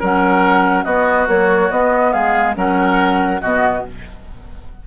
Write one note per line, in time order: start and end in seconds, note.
0.00 0.85 F#3
0.00 0.87 C#4
0.00 0.85 A#4
0.00 0.85 F#5
0.85 1.28 B3
0.85 2.13 F#4
0.85 1.27 D#5
1.28 1.70 F#3
1.28 1.70 A#3
1.28 1.72 C#5
1.71 2.14 B3
1.71 2.55 B3
1.71 2.13 D#5
2.13 2.57 G#3
2.13 2.55 G#4
2.13 2.55 F5
2.55 3.42 F#3
2.55 3.40 C#4
2.55 3.42 A#4
2.55 3.42 F#5
3.42 3.86 B2
3.42 3.87 B3
3.42 3.84 F#4
3.42 3.84 D#5